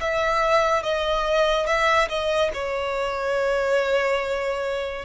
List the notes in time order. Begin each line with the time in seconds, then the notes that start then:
0.00 E5
0.82 D#5
1.66 E5
2.08 D#5
2.53 C#5